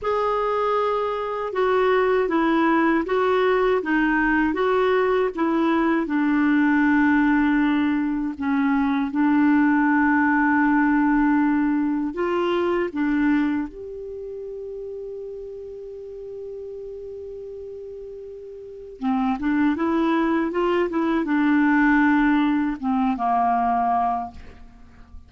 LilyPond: \new Staff \with { instrumentName = "clarinet" } { \time 4/4 \tempo 4 = 79 gis'2 fis'4 e'4 | fis'4 dis'4 fis'4 e'4 | d'2. cis'4 | d'1 |
f'4 d'4 g'2~ | g'1~ | g'4 c'8 d'8 e'4 f'8 e'8 | d'2 c'8 ais4. | }